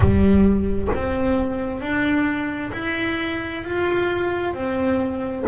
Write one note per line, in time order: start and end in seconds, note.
0.00 0.88 G3
0.94 1.80 C4
1.80 2.71 D4
2.73 3.64 E4
3.64 4.54 F4
4.54 5.45 C4